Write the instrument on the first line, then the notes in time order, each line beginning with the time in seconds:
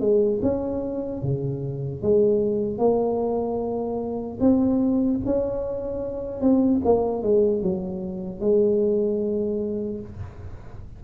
tuba
0.00 G#3
0.42 C#4
1.22 C#3
2.02 G#3
2.78 A#3
4.40 C4
5.25 C#4
6.41 C4
6.84 A#3
7.22 G#3
7.62 F#3
8.40 G#3